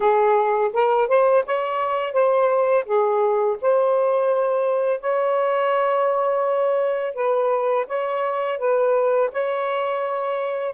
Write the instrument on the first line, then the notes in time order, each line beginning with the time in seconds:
saxophone
0.00 G#4
0.73 A#4
1.08 C5
1.46 C#5
2.12 C5
2.85 G#4
3.61 C5
5.00 C#5
7.14 B4
7.87 C#5
8.58 B4
9.32 C#5